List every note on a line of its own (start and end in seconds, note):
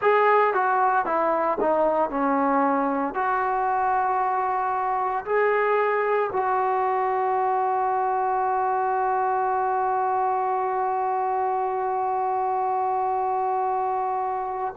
0.01 0.54 G#4
0.54 1.05 F#4
1.05 1.58 E4
1.60 2.10 D#4
2.10 3.14 C#4
3.14 5.24 F#4
5.25 6.30 G#4
6.32 14.74 F#4